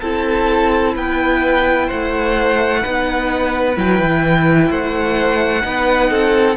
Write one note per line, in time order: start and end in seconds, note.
0.00 0.96 C4
0.00 2.84 E4
0.00 0.95 A4
0.00 0.94 A5
0.96 1.90 B3
0.96 1.87 B4
0.96 1.89 G5
1.87 2.85 A3
1.87 2.80 C5
1.87 3.77 F#5
2.81 3.77 B3
2.81 3.75 D#4
2.81 4.68 B4
3.75 4.00 F#3
3.75 5.62 E4
3.75 4.71 G5
4.00 4.70 E3
4.69 5.64 A3
4.69 5.63 C5
4.69 6.57 F#5
5.62 6.11 B3
5.62 6.55 D#4
5.62 6.11 B4
6.11 6.57 C4
6.11 6.57 A4